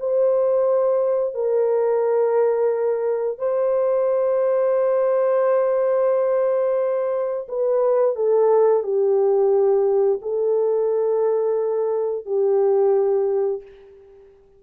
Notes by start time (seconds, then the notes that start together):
0.00 C5
1.35 A#4
3.38 C5
7.48 B4
8.16 A4
8.83 G4
10.22 A4
12.26 G4